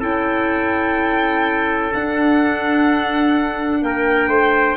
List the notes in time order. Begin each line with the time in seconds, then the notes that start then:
0.00 C#4 E4 A4 G5
1.94 D4 F#5
3.82 A#3 A#4 G5
4.28 A3 C5